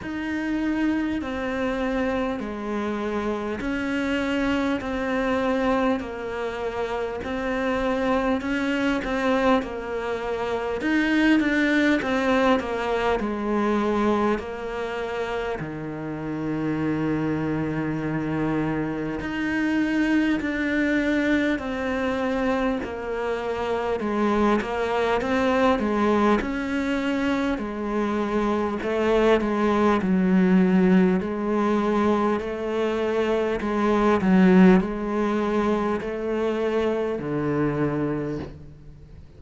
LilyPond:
\new Staff \with { instrumentName = "cello" } { \time 4/4 \tempo 4 = 50 dis'4 c'4 gis4 cis'4 | c'4 ais4 c'4 cis'8 c'8 | ais4 dis'8 d'8 c'8 ais8 gis4 | ais4 dis2. |
dis'4 d'4 c'4 ais4 | gis8 ais8 c'8 gis8 cis'4 gis4 | a8 gis8 fis4 gis4 a4 | gis8 fis8 gis4 a4 d4 | }